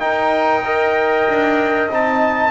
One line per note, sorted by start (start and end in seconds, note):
0.00 0.63 D#4
0.00 1.28 D#4
0.00 0.65 A#4
0.00 1.90 G5
0.65 1.90 A#4
0.65 2.52 D#5
1.29 1.89 D4
1.89 2.52 C4
1.89 2.52 D#4
1.89 2.52 A5